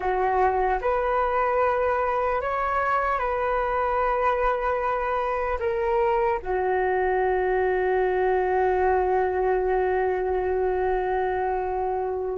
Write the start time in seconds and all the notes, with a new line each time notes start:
0.00 F#4
0.81 B4
2.41 C#5
3.18 B4
5.59 A#4
6.42 F#4